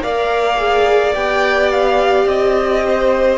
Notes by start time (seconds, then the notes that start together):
0.00 A#3 A#4 D5 F5
0.57 G#4
1.15 B3 G4 G5
1.72 F5
2.25 C4 D#5
2.88 C5